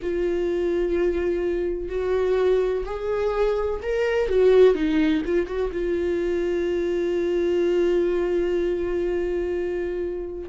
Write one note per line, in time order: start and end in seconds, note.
0.02 1.88 F4
1.88 2.84 F#4
2.85 3.80 G#4
3.82 4.29 A#4
4.29 4.74 F#4
4.74 5.22 D#4
5.25 5.46 F4
5.46 5.70 F#4
5.72 10.48 F4